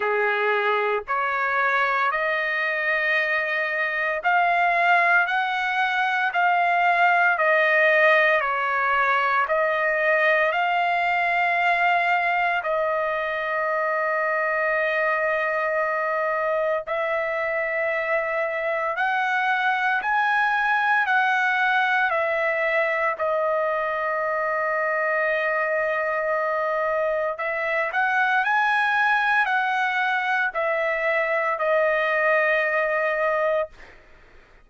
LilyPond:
\new Staff \with { instrumentName = "trumpet" } { \time 4/4 \tempo 4 = 57 gis'4 cis''4 dis''2 | f''4 fis''4 f''4 dis''4 | cis''4 dis''4 f''2 | dis''1 |
e''2 fis''4 gis''4 | fis''4 e''4 dis''2~ | dis''2 e''8 fis''8 gis''4 | fis''4 e''4 dis''2 | }